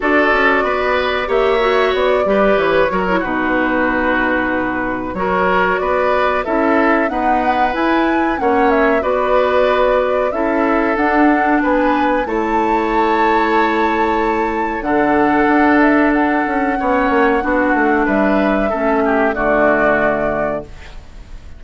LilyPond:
<<
  \new Staff \with { instrumentName = "flute" } { \time 4/4 \tempo 4 = 93 d''2 e''4 d''4 | cis''4 b'2. | cis''4 d''4 e''4 fis''4 | gis''4 fis''8 e''8 d''2 |
e''4 fis''4 gis''4 a''4~ | a''2. fis''4~ | fis''8 e''8 fis''2. | e''2 d''2 | }
  \new Staff \with { instrumentName = "oboe" } { \time 4/4 a'4 b'4 cis''4. b'8~ | b'8 ais'8 fis'2. | ais'4 b'4 a'4 b'4~ | b'4 cis''4 b'2 |
a'2 b'4 cis''4~ | cis''2. a'4~ | a'2 cis''4 fis'4 | b'4 a'8 g'8 fis'2 | }
  \new Staff \with { instrumentName = "clarinet" } { \time 4/4 fis'2 g'8 fis'4 g'8~ | g'8 fis'16 e'16 dis'2. | fis'2 e'4 b4 | e'4 cis'4 fis'2 |
e'4 d'2 e'4~ | e'2. d'4~ | d'2 cis'4 d'4~ | d'4 cis'4 a2 | }
  \new Staff \with { instrumentName = "bassoon" } { \time 4/4 d'8 cis'8 b4 ais4 b8 g8 | e8 fis8 b,2. | fis4 b4 cis'4 dis'4 | e'4 ais4 b2 |
cis'4 d'4 b4 a4~ | a2. d4 | d'4. cis'8 b8 ais8 b8 a8 | g4 a4 d2 | }
>>